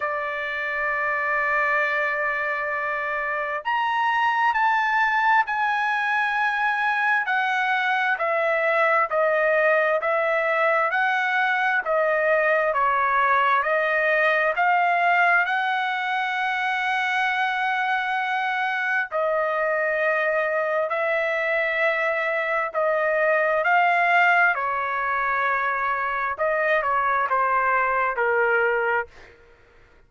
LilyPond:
\new Staff \with { instrumentName = "trumpet" } { \time 4/4 \tempo 4 = 66 d''1 | ais''4 a''4 gis''2 | fis''4 e''4 dis''4 e''4 | fis''4 dis''4 cis''4 dis''4 |
f''4 fis''2.~ | fis''4 dis''2 e''4~ | e''4 dis''4 f''4 cis''4~ | cis''4 dis''8 cis''8 c''4 ais'4 | }